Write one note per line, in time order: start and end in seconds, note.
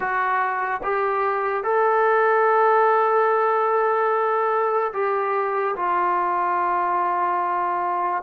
0.00 0.81 F#4
0.83 1.63 G4
1.63 4.92 A4
4.93 5.75 G4
5.76 8.22 F4